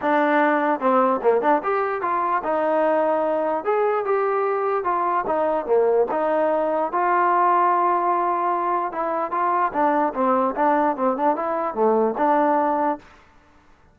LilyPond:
\new Staff \with { instrumentName = "trombone" } { \time 4/4 \tempo 4 = 148 d'2 c'4 ais8 d'8 | g'4 f'4 dis'2~ | dis'4 gis'4 g'2 | f'4 dis'4 ais4 dis'4~ |
dis'4 f'2.~ | f'2 e'4 f'4 | d'4 c'4 d'4 c'8 d'8 | e'4 a4 d'2 | }